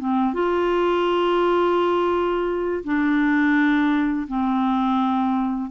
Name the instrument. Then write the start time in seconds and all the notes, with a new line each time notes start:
clarinet
0.00 C4
0.34 F4
2.84 D4
4.28 C4